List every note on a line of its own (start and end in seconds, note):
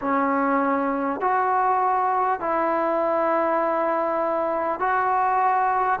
0.01 1.20 C#4
1.20 2.39 F#4
2.39 4.79 E4
4.79 5.99 F#4